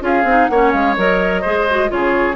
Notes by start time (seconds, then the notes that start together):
0.00 C#4 F4 G#4 F5
0.24 C4 D#4
0.47 A#3 C#4 C#5 F#5
0.71 G#3 F5
0.96 F#3 A#4 D#5
1.41 G#3 G#4 C5
1.70 F#4
1.88 C#3 F4 G#4 C#5